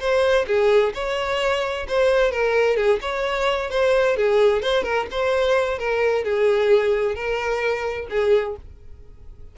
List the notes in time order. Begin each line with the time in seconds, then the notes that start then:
0.00 C5
0.47 G#4
0.94 C#5
1.89 C5
2.32 A#4
2.77 G#4
3.02 C#5
3.71 C5
4.17 G#4
4.62 C5
4.84 A#4
5.11 C5
5.79 A#4
6.24 G#4
7.16 A#4
8.10 G#4